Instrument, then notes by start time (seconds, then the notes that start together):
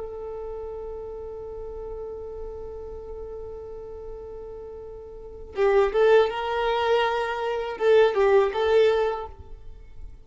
violin
0.00 A4
5.56 G4
5.93 A4
6.30 A#4
7.78 A4
8.15 G4
8.54 A4